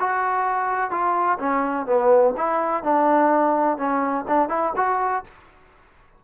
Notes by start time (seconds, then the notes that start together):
0.00 F#4
0.91 F4
1.39 C#4
1.87 B3
2.37 E4
2.84 D4
3.78 C#4
4.28 D4
4.49 E4
4.76 F#4